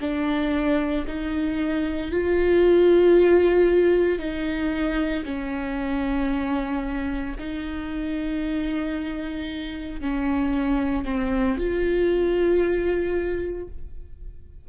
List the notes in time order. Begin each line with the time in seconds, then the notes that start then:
0.00 D4
1.06 D#4
2.11 F4
4.18 D#4
5.24 C#4
7.38 D#4
10.00 C#4
11.04 C4
11.57 F4